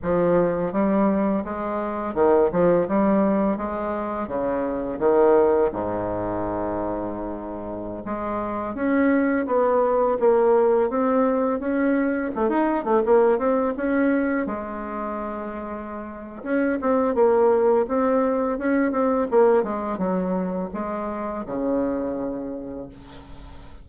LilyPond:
\new Staff \with { instrumentName = "bassoon" } { \time 4/4 \tempo 4 = 84 f4 g4 gis4 dis8 f8 | g4 gis4 cis4 dis4 | gis,2.~ gis,16 gis8.~ | gis16 cis'4 b4 ais4 c'8.~ |
c'16 cis'4 a16 dis'8 a16 ais8 c'8 cis'8.~ | cis'16 gis2~ gis8. cis'8 c'8 | ais4 c'4 cis'8 c'8 ais8 gis8 | fis4 gis4 cis2 | }